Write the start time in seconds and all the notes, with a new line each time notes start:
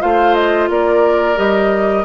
0.00 A3 F4 C5 F5
0.34 D#5
0.69 A#3 A#4 D5
1.36 G3 G4 D#5